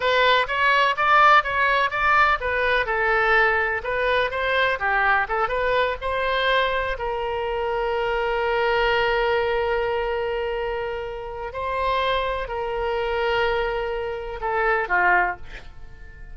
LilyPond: \new Staff \with { instrumentName = "oboe" } { \time 4/4 \tempo 4 = 125 b'4 cis''4 d''4 cis''4 | d''4 b'4 a'2 | b'4 c''4 g'4 a'8 b'8~ | b'8 c''2 ais'4.~ |
ais'1~ | ais'1 | c''2 ais'2~ | ais'2 a'4 f'4 | }